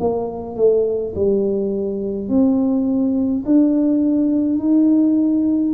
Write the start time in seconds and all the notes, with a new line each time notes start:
0.00 A#3
0.56 A3
1.15 G3
2.29 C4
3.45 D4
4.59 D#4